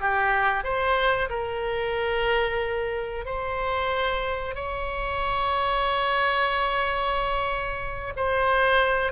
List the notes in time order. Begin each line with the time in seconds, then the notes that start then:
0.00 G4
0.64 C5
1.30 A#4
3.25 C5
4.55 C#5
8.16 C5